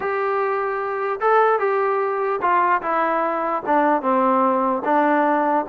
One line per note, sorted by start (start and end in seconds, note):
0.00 1.20 G4
1.20 1.59 A4
1.59 2.39 G4
2.41 2.81 F4
2.82 3.62 E4
3.66 4.02 D4
4.02 4.82 C4
4.84 5.65 D4